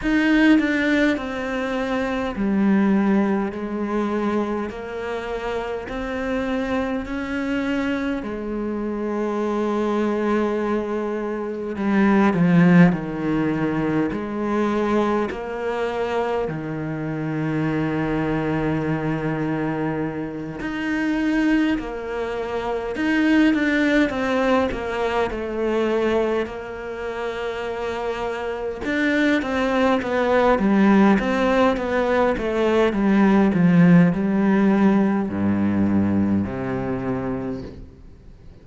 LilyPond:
\new Staff \with { instrumentName = "cello" } { \time 4/4 \tempo 4 = 51 dis'8 d'8 c'4 g4 gis4 | ais4 c'4 cis'4 gis4~ | gis2 g8 f8 dis4 | gis4 ais4 dis2~ |
dis4. dis'4 ais4 dis'8 | d'8 c'8 ais8 a4 ais4.~ | ais8 d'8 c'8 b8 g8 c'8 b8 a8 | g8 f8 g4 g,4 c4 | }